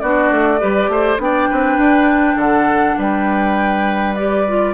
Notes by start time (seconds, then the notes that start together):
0.00 B3 D4 F#4 D5
0.31 A3
0.59 G3 G4 B4
0.89 A3 C5
1.18 B3 D4 D5 G5
1.50 C4 B4
1.78 D4
2.36 D3 A4 F#5
2.99 G3 B4 G5
4.15 G4 D5
4.48 F4